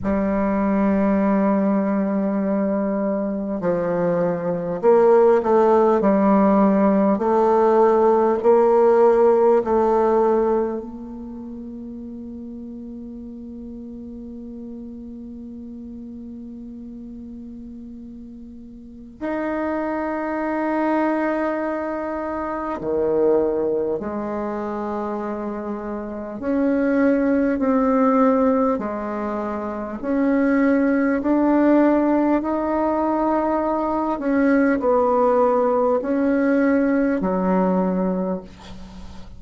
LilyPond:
\new Staff \with { instrumentName = "bassoon" } { \time 4/4 \tempo 4 = 50 g2. f4 | ais8 a8 g4 a4 ais4 | a4 ais2.~ | ais1 |
dis'2. dis4 | gis2 cis'4 c'4 | gis4 cis'4 d'4 dis'4~ | dis'8 cis'8 b4 cis'4 fis4 | }